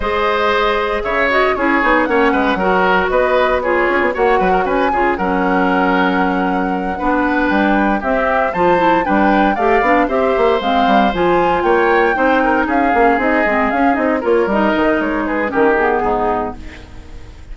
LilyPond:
<<
  \new Staff \with { instrumentName = "flute" } { \time 4/4 \tempo 4 = 116 dis''2 e''8 dis''8 cis''4 | fis''2 dis''4 cis''4 | fis''4 gis''4 fis''2~ | fis''2~ fis''8 g''4 e''8~ |
e''8 a''4 g''4 f''4 e''8~ | e''8 f''4 gis''4 g''4.~ | g''8 f''4 dis''4 f''8 dis''8 cis''8 | dis''4 cis''8 b'8 ais'8 gis'4. | }
  \new Staff \with { instrumentName = "oboe" } { \time 4/4 c''2 cis''4 gis'4 | cis''8 b'8 ais'4 b'4 gis'4 | cis''8 b'16 ais'16 b'8 gis'8 ais'2~ | ais'4. b'2 g'8~ |
g'8 c''4 b'4 d''4 c''8~ | c''2~ c''8 cis''4 c''8 | ais'8 gis'2. ais'8~ | ais'4. gis'8 g'4 dis'4 | }
  \new Staff \with { instrumentName = "clarinet" } { \time 4/4 gis'2~ gis'8 fis'8 e'8 dis'8 | cis'4 fis'2 f'4 | fis'4. f'8 cis'2~ | cis'4. d'2 c'8~ |
c'8 f'8 e'8 d'4 g'8 d'8 g'8~ | g'8 c'4 f'2 dis'8~ | dis'4 cis'8 dis'8 c'8 cis'8 dis'8 f'8 | dis'2 cis'8 b4. | }
  \new Staff \with { instrumentName = "bassoon" } { \time 4/4 gis2 cis4 cis'8 b8 | ais8 gis8 fis4 b4. cis'16 b16 | ais8 fis8 cis'8 cis8 fis2~ | fis4. b4 g4 c'8~ |
c'8 f4 g4 a8 b8 c'8 | ais8 gis8 g8 f4 ais4 c'8~ | c'8 cis'8 ais8 c'8 gis8 cis'8 c'8 ais8 | g8 dis8 gis4 dis4 gis,4 | }
>>